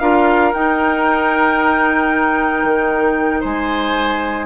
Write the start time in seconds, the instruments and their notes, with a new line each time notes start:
0.00 bassoon D4, clarinet F4, oboe A#4, flute F5
0.54 clarinet D#4, bassoon D#4, flute G5
2.64 bassoon D#3
3.41 bassoon G#3, oboe C5, flute G#5